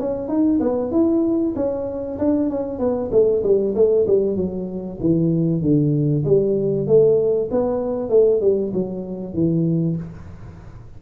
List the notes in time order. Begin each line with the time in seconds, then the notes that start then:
0.00 C#4
0.28 D#4
0.61 B3
0.92 E4
1.56 C#4
2.19 D4
2.50 C#4
2.79 B3
3.12 A3
3.44 G3
3.75 A3
4.07 G3
4.37 F#3
5.01 E3
5.62 D3
6.25 G3
6.87 A3
7.51 B3
8.10 A3
8.41 G3
8.74 F#3
9.34 E3